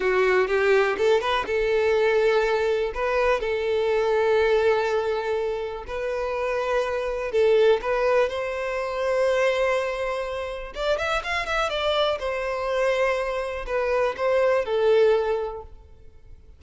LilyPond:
\new Staff \with { instrumentName = "violin" } { \time 4/4 \tempo 4 = 123 fis'4 g'4 a'8 b'8 a'4~ | a'2 b'4 a'4~ | a'1 | b'2. a'4 |
b'4 c''2.~ | c''2 d''8 e''8 f''8 e''8 | d''4 c''2. | b'4 c''4 a'2 | }